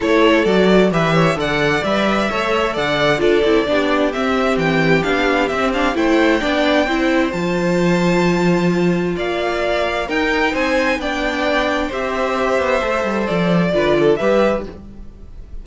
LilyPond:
<<
  \new Staff \with { instrumentName = "violin" } { \time 4/4 \tempo 4 = 131 cis''4 d''4 e''4 fis''4 | e''2 fis''4 d''4~ | d''4 e''4 g''4 f''4 | e''8 f''8 g''2. |
a''1 | f''2 g''4 gis''4 | g''2 e''2~ | e''4 d''2 e''4 | }
  \new Staff \with { instrumentName = "violin" } { \time 4/4 a'2 b'8 cis''8 d''4~ | d''4 cis''4 d''4 a'4 | g'1~ | g'4 c''4 d''4 c''4~ |
c''1 | d''2 ais'4 c''4 | d''2 c''2~ | c''2 b'8 a'8 b'4 | }
  \new Staff \with { instrumentName = "viola" } { \time 4/4 e'4 fis'4 g'4 a'4 | b'4 a'2 f'8 e'8 | d'4 c'2 d'4 | c'8 d'8 e'4 d'4 e'4 |
f'1~ | f'2 dis'2 | d'2 g'2 | a'2 f'4 g'4 | }
  \new Staff \with { instrumentName = "cello" } { \time 4/4 a4 fis4 e4 d4 | g4 a4 d4 d'8 c'8 | b4 c'4 e4 b4 | c'4 a4 b4 c'4 |
f1 | ais2 dis'4 c'4 | b2 c'4. b8 | a8 g8 f4 d4 g4 | }
>>